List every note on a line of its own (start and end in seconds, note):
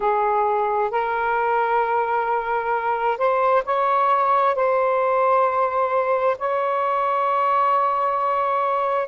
0.00 0.90 G#4
0.90 3.17 A#4
3.17 3.63 C5
3.65 4.55 C#5
4.55 6.36 C5
6.38 9.07 C#5